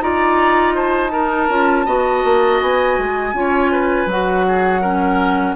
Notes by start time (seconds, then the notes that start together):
0.00 D#4 F4 D5 A#5
0.74 C5 A5
1.10 D#4 A#4
1.49 C#4 F4
1.85 B3 F#4 D#5
2.24 A#3
2.61 B3 G#5
2.98 G#3
3.33 C#4 F4 C#5
3.71 B4
4.06 F#3 F#4 F#5
4.48 G#4
4.81 C#4 A#4